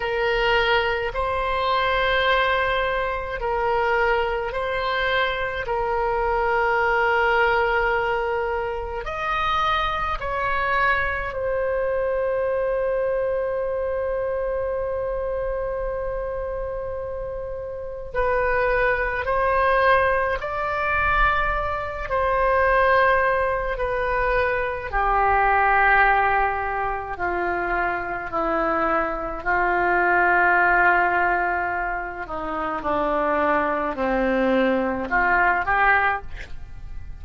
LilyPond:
\new Staff \with { instrumentName = "oboe" } { \time 4/4 \tempo 4 = 53 ais'4 c''2 ais'4 | c''4 ais'2. | dis''4 cis''4 c''2~ | c''1 |
b'4 c''4 d''4. c''8~ | c''4 b'4 g'2 | f'4 e'4 f'2~ | f'8 dis'8 d'4 c'4 f'8 g'8 | }